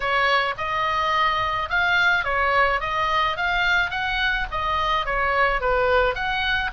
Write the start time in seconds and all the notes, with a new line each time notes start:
0.00 C#5
0.57 D#5
1.69 F5
2.24 C#5
2.80 D#5
3.36 F5
3.90 F#5
4.51 D#5
5.05 C#5
5.60 B4
6.14 F#5